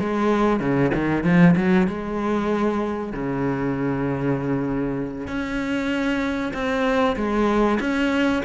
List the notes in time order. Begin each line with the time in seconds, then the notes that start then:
0.00 G#3
0.60 C#3
0.95 D#3
1.24 F3
1.56 F#3
1.88 G#3
3.13 C#3
5.28 C#4
6.54 C4
7.16 G#3
7.80 C#4